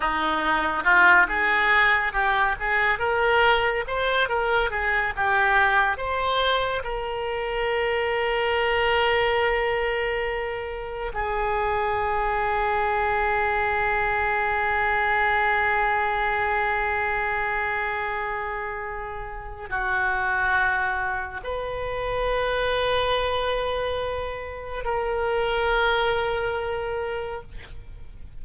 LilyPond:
\new Staff \with { instrumentName = "oboe" } { \time 4/4 \tempo 4 = 70 dis'4 f'8 gis'4 g'8 gis'8 ais'8~ | ais'8 c''8 ais'8 gis'8 g'4 c''4 | ais'1~ | ais'4 gis'2.~ |
gis'1~ | gis'2. fis'4~ | fis'4 b'2.~ | b'4 ais'2. | }